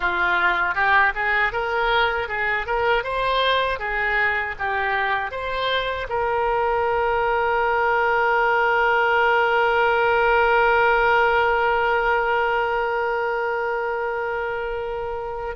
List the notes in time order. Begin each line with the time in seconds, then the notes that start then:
0.00 F4
0.74 G4
1.14 G#4
1.52 A#4
2.28 G#4
2.66 A#4
3.03 C5
3.79 G#4
4.58 G4
5.31 C5
6.09 A#4